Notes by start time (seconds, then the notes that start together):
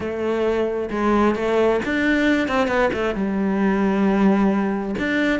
0.00 A3
0.90 G#3
1.35 A3
1.85 D4
2.48 C4
2.67 B3
2.93 A3
3.14 G3
4.98 D4